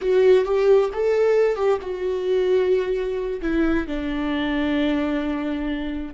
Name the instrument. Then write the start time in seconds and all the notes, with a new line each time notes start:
viola
0.01 F#4
0.44 G4
0.93 A4
1.55 G4
1.81 F#4
3.41 E4
3.87 D4